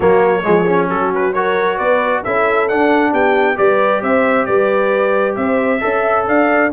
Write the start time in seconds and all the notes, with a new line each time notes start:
0.00 F#3 A#3 F#4 C#5
0.43 F3 G#3 G#4
0.66 C#4
0.89 F#3 F#4 A4
1.14 B4
1.33 F#4 A#4 C#5
1.77 B3 B4 D5
2.24 C#4 E4 A4 E5
2.68 D4 F#5
3.11 B3 G4 G5
3.55 G3 G4 B4 D5
4.02 C4 C5 E5
4.45 G3 B4 D5
5.36 C4 C5 E5
5.79 C#4 A4 E5
6.27 D4 D5 F5